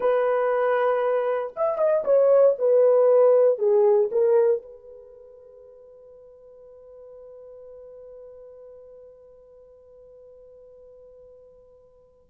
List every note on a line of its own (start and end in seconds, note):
0.00 1.52 B4
1.55 1.78 E5
1.78 2.03 D#5
2.04 2.55 C#5
2.58 3.58 B4
3.58 4.09 G#4
4.11 4.62 A#4
4.62 12.30 B4